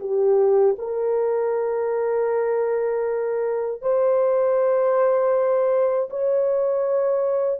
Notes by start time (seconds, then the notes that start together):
0.00 G4
0.78 A#4
3.81 C5
6.10 C#5